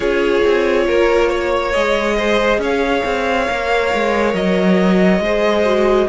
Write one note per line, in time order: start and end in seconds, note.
0.00 0.40 C#4
0.00 1.72 F4
0.00 0.85 G#4
0.00 1.72 C#5
0.44 0.88 C4
0.87 1.75 A#3
0.87 1.29 A#4
1.29 2.16 C#5
1.72 2.58 G#3
1.72 3.47 G#4
1.72 2.59 D#5
2.16 2.59 C5
2.58 3.01 C#4
2.58 5.22 C#5
2.58 4.35 F5
3.05 3.48 C4
3.47 3.93 A#3
3.47 5.20 A#4
3.93 4.33 G#3
4.33 5.19 F#3
4.33 6.09 D#5
5.19 6.06 G#3
5.19 5.65 G#4
5.19 6.09 C5
5.65 6.08 F#4